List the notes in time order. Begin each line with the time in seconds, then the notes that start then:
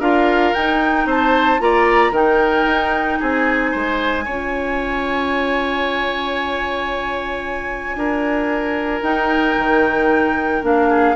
0.00 D4 F4 A#4 F5
0.54 D#4 G5
1.06 C4 C5 A5
1.60 A#3 F4 D5 A#5
2.11 D#3 D#4 A#4 G5
2.66 D#4
3.19 C4 G#4 G#5
3.72 G#3 C5
4.24 C#4 F4 C#5
7.95 D4 A#4
9.02 D#4 G5
9.58 D#3
10.62 A#3 D4 F5
10.89 G#4